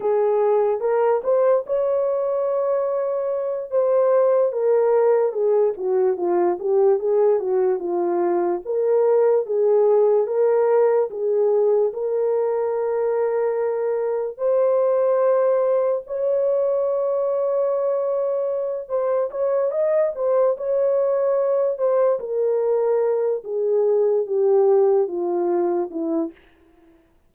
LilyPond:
\new Staff \with { instrumentName = "horn" } { \time 4/4 \tempo 4 = 73 gis'4 ais'8 c''8 cis''2~ | cis''8 c''4 ais'4 gis'8 fis'8 f'8 | g'8 gis'8 fis'8 f'4 ais'4 gis'8~ | gis'8 ais'4 gis'4 ais'4.~ |
ais'4. c''2 cis''8~ | cis''2. c''8 cis''8 | dis''8 c''8 cis''4. c''8 ais'4~ | ais'8 gis'4 g'4 f'4 e'8 | }